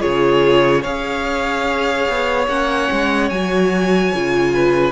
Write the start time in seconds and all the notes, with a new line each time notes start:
0.00 C#3 F4 G#4 C#5
0.82 C#4 G#4 C#5 F5
2.09 B3
2.48 A#3 C#4 F#5
2.92 G#3
3.30 F#3 F#4 G#5
4.14 C#3 F4
4.54 B4